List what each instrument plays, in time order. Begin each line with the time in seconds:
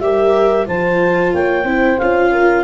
0.00 tuba G3, viola G4, horn A#4, clarinet E5
0.66 tuba F3, viola F4, horn C5, clarinet A5
1.34 tuba A#3, horn C#5, clarinet G5
1.65 tuba C4, viola E4, horn C5
1.99 tuba C#4, viola F4, clarinet F5
2.32 horn A#4